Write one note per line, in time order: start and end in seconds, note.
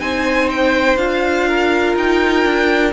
0.00 0.97 C4
0.00 0.98 D#4
0.00 1.48 C5
0.00 0.49 G#5
0.50 0.97 G5
0.97 1.95 D4
0.97 2.93 F4
0.97 1.96 F5
1.48 2.93 A#4
1.95 2.44 D#4
1.95 2.93 G5
2.44 2.93 D4